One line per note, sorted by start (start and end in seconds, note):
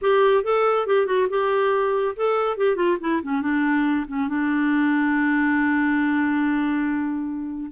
0.01 0.43 G4
0.43 0.86 A4
0.86 1.06 G4
1.06 1.27 F#4
1.29 2.15 G4
2.15 2.57 A4
2.57 2.76 G4
2.76 2.97 F4
3.00 3.22 E4
3.22 3.41 C#4
3.41 4.06 D4
4.07 4.28 C#4
4.28 7.71 D4